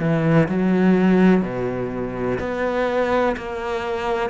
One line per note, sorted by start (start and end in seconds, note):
0.00 0.48 E3
0.49 1.42 F#3
1.42 2.39 B2
2.40 3.37 B3
3.37 4.31 A#3